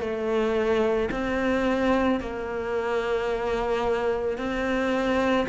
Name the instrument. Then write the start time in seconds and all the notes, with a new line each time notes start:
cello
0.00 A3
1.11 C4
2.20 A#3
4.37 C4